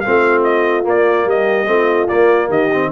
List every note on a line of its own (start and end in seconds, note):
0.00 0.87 A3
0.00 0.83 C4
0.00 1.29 F4
0.00 0.41 F5
0.43 0.84 D#5
0.83 1.65 A#3
0.83 1.25 A#3
0.83 1.29 D5
1.25 1.66 G3
1.25 1.69 G4
1.25 2.08 D#5
1.66 2.08 A3
1.66 2.07 C4
1.66 2.49 F4
2.08 2.70 A#3
2.08 2.49 A#3
2.08 2.49 D5
2.49 2.90 D#3
2.49 2.90 G4
2.49 2.91 D#5
2.73 2.91 C4